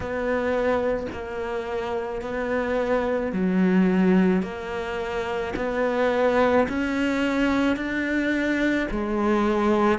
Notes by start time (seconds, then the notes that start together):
0.00 B3
1.12 A#3
2.21 B3
3.32 F#3
4.42 A#3
5.56 B3
6.68 C#4
7.76 D4
8.90 G#3